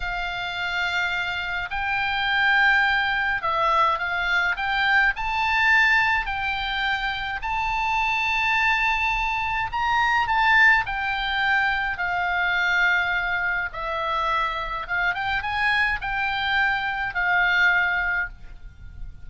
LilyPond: \new Staff \with { instrumentName = "oboe" } { \time 4/4 \tempo 4 = 105 f''2. g''4~ | g''2 e''4 f''4 | g''4 a''2 g''4~ | g''4 a''2.~ |
a''4 ais''4 a''4 g''4~ | g''4 f''2. | e''2 f''8 g''8 gis''4 | g''2 f''2 | }